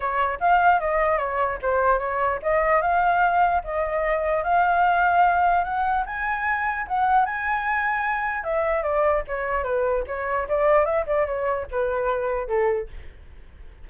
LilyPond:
\new Staff \with { instrumentName = "flute" } { \time 4/4 \tempo 4 = 149 cis''4 f''4 dis''4 cis''4 | c''4 cis''4 dis''4 f''4~ | f''4 dis''2 f''4~ | f''2 fis''4 gis''4~ |
gis''4 fis''4 gis''2~ | gis''4 e''4 d''4 cis''4 | b'4 cis''4 d''4 e''8 d''8 | cis''4 b'2 a'4 | }